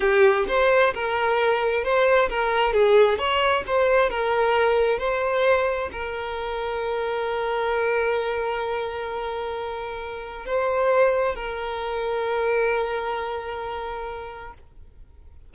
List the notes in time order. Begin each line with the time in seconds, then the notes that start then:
0.00 G4
0.48 C5
0.94 A#4
1.83 C5
2.29 A#4
2.73 G#4
3.18 C#5
3.66 C5
4.10 A#4
4.98 C5
5.92 A#4
10.45 C5
11.35 A#4